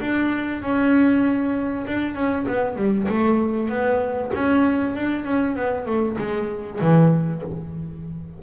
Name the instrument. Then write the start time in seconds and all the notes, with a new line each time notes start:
double bass
0.00 D4
0.62 C#4
1.87 D4
2.15 C#4
2.47 B3
2.76 G3
3.08 A3
3.69 B3
4.34 C#4
4.95 D4
5.25 C#4
5.56 B3
5.86 A3
6.18 G#3
6.81 E3